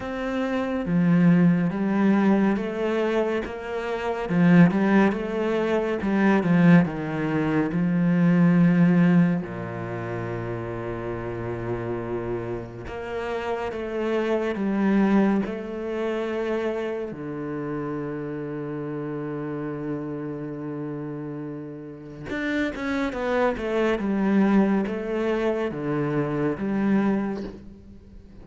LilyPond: \new Staff \with { instrumentName = "cello" } { \time 4/4 \tempo 4 = 70 c'4 f4 g4 a4 | ais4 f8 g8 a4 g8 f8 | dis4 f2 ais,4~ | ais,2. ais4 |
a4 g4 a2 | d1~ | d2 d'8 cis'8 b8 a8 | g4 a4 d4 g4 | }